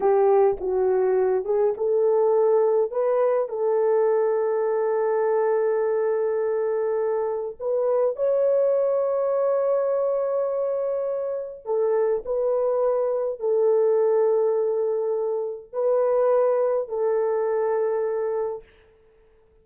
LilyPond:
\new Staff \with { instrumentName = "horn" } { \time 4/4 \tempo 4 = 103 g'4 fis'4. gis'8 a'4~ | a'4 b'4 a'2~ | a'1~ | a'4 b'4 cis''2~ |
cis''1 | a'4 b'2 a'4~ | a'2. b'4~ | b'4 a'2. | }